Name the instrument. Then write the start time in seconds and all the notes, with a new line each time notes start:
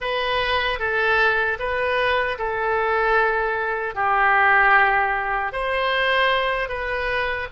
oboe
0.00 B4
0.79 A4
1.59 B4
2.38 A4
3.94 G4
5.52 C5
6.69 B4